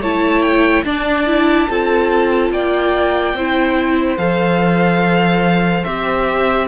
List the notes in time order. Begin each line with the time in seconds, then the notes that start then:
0.00 A3 E4 C#5 A5
0.43 G5
0.84 D4 D5 A5
1.27 E4
1.70 C4 F4 A4
2.51 A#3 D5 G5
3.34 C4 E4 C5
4.18 F3 A4 F5
5.85 C4 G4 E5